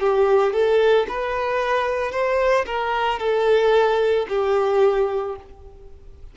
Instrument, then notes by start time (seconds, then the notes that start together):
violin
0.00 G4
0.53 A4
1.09 B4
2.12 C5
2.66 A#4
3.19 A4
4.29 G4